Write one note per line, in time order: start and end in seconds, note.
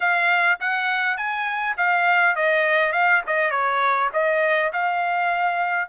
0.00 0.59 F5
0.59 1.17 F#5
1.17 1.76 G#5
1.77 2.35 F5
2.35 2.92 D#5
2.92 3.21 F5
3.26 3.50 D#5
3.50 4.09 C#5
4.13 4.71 D#5
4.72 5.88 F5